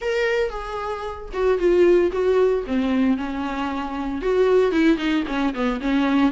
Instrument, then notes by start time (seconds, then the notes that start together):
viola
0.01 A#4
0.50 G#4
1.33 F#4
1.58 F4
2.11 F#4
2.66 C4
3.17 C#4
4.21 F#4
4.71 E4
4.97 D#4
5.27 C#4
5.54 B3
5.80 C#4